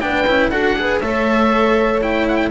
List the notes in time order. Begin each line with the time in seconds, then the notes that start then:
0.00 B3 D4 B4 G5
0.26 C#4 E4
0.50 D4 F#4 A4 F#5
0.76 G#4 B4
1.01 A3 A4 C#5 E5
2.01 E4 G5
2.28 F#5
2.36 G5